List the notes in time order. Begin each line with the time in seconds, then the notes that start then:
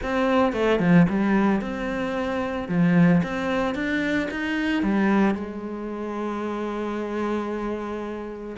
0.02 C4
0.52 A3
0.79 F3
1.09 G3
1.61 C4
2.68 F3
3.23 C4
3.75 D4
4.31 D#4
4.82 G3
5.34 G#3